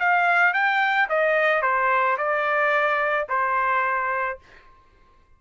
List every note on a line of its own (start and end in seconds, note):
0.00 0.54 F5
0.54 1.09 G5
1.10 1.63 D#5
1.63 2.18 C5
2.18 3.28 D5
3.29 4.39 C5